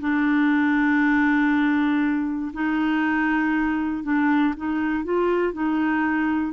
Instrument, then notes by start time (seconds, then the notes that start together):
clarinet
0.00 D4
2.54 D#4
4.04 D4
4.57 D#4
5.04 F4
5.53 D#4